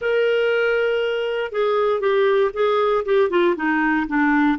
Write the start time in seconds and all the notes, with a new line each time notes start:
0.01 A#4
1.52 G#4
2.00 G4
2.53 G#4
3.05 G4
3.30 F4
3.55 D#4
4.07 D4